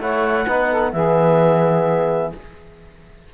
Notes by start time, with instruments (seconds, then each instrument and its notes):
0.00 cello A3, trombone E4, saxophone C#5, clarinet F#5
0.46 cello B3, trombone D#4, saxophone B4
0.70 saxophone A4
0.93 cello E3, trombone B3, saxophone G#4, clarinet E5